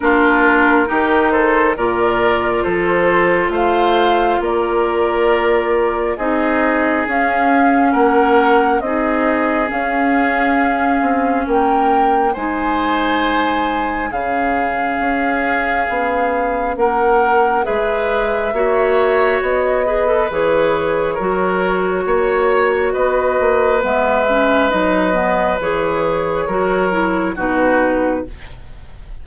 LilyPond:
<<
  \new Staff \with { instrumentName = "flute" } { \time 4/4 \tempo 4 = 68 ais'4. c''8 d''4 c''4 | f''4 d''2 dis''4 | f''4 fis''4 dis''4 f''4~ | f''4 g''4 gis''2 |
f''2. fis''4 | e''2 dis''4 cis''4~ | cis''2 dis''4 e''4 | dis''4 cis''2 b'4 | }
  \new Staff \with { instrumentName = "oboe" } { \time 4/4 f'4 g'8 a'8 ais'4 a'4 | c''4 ais'2 gis'4~ | gis'4 ais'4 gis'2~ | gis'4 ais'4 c''2 |
gis'2. ais'4 | b'4 cis''4. b'4. | ais'4 cis''4 b'2~ | b'2 ais'4 fis'4 | }
  \new Staff \with { instrumentName = "clarinet" } { \time 4/4 d'4 dis'4 f'2~ | f'2. dis'4 | cis'2 dis'4 cis'4~ | cis'2 dis'2 |
cis'1 | gis'4 fis'4. gis'16 a'16 gis'4 | fis'2. b8 cis'8 | dis'8 b8 gis'4 fis'8 e'8 dis'4 | }
  \new Staff \with { instrumentName = "bassoon" } { \time 4/4 ais4 dis4 ais,4 f4 | a4 ais2 c'4 | cis'4 ais4 c'4 cis'4~ | cis'8 c'8 ais4 gis2 |
cis4 cis'4 b4 ais4 | gis4 ais4 b4 e4 | fis4 ais4 b8 ais8 gis4 | fis4 e4 fis4 b,4 | }
>>